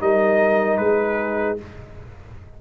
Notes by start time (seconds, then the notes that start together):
0.00 G3 D#4 A#4 D#5
0.77 G#3 G#4 B4